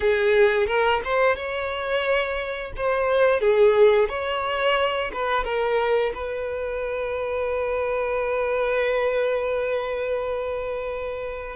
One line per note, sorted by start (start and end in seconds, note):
0.00 0.66 G#4
0.66 1.00 A#4
1.04 1.36 C5
1.36 2.72 C#5
2.76 3.40 C5
3.40 4.08 G#4
4.08 5.11 C#5
5.12 5.44 B4
5.44 6.12 A#4
6.14 11.56 B4